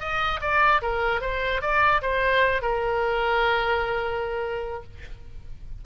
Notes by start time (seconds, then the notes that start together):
0.00 D#5
0.41 D5
0.82 A#4
1.21 C5
1.61 D5
2.02 C5
2.62 A#4